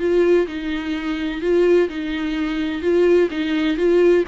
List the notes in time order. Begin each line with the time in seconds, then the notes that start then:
0.00 F4
0.48 D#4
1.42 F4
1.89 D#4
2.82 F4
3.31 D#4
3.77 F4